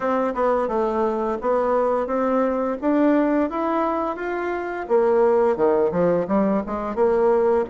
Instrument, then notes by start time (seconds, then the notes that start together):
bassoon
0.00 C4
0.34 B3
0.68 A3
1.41 B3
2.06 C4
2.81 D4
3.50 E4
4.16 F4
4.88 A#3
5.56 D#3
5.91 F3
6.27 G3
6.66 G#3
6.95 A#3